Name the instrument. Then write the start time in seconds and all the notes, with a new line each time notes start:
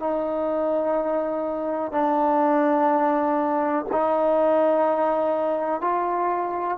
trombone
0.00 D#4
1.92 D4
3.92 D#4
5.82 F4